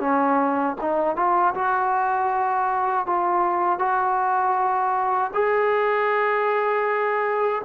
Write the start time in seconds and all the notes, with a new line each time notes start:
0.00 C#4
0.81 D#4
1.16 F4
1.55 F#4
3.07 F4
3.79 F#4
5.34 G#4